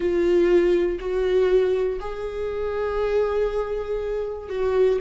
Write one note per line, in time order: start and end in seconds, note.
0.00 0.98 F4
0.99 1.99 F#4
2.00 4.49 G#4
4.49 4.99 F#4